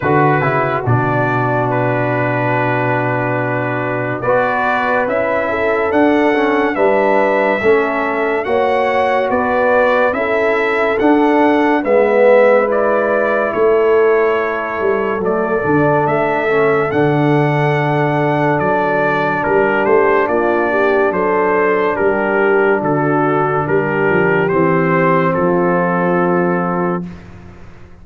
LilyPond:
<<
  \new Staff \with { instrumentName = "trumpet" } { \time 4/4 \tempo 4 = 71 b'4 d''4 b'2~ | b'4 d''4 e''4 fis''4 | e''2 fis''4 d''4 | e''4 fis''4 e''4 d''4 |
cis''2 d''4 e''4 | fis''2 d''4 ais'8 c''8 | d''4 c''4 ais'4 a'4 | ais'4 c''4 a'2 | }
  \new Staff \with { instrumentName = "horn" } { \time 4/4 fis'1~ | fis'4 b'4. a'4. | b'4 a'4 cis''4 b'4 | a'2 b'2 |
a'1~ | a'2. g'4 | f'8 g'8 a'4 g'4 fis'4 | g'2 f'2 | }
  \new Staff \with { instrumentName = "trombone" } { \time 4/4 fis'8 e'8 d'2.~ | d'4 fis'4 e'4 d'8 cis'8 | d'4 cis'4 fis'2 | e'4 d'4 b4 e'4~ |
e'2 a8 d'4 cis'8 | d'1~ | d'1~ | d'4 c'2. | }
  \new Staff \with { instrumentName = "tuba" } { \time 4/4 d8 cis8 b,2.~ | b,4 b4 cis'4 d'4 | g4 a4 ais4 b4 | cis'4 d'4 gis2 |
a4. g8 fis8 d8 a4 | d2 fis4 g8 a8 | ais4 fis4 g4 d4 | g8 f8 e4 f2 | }
>>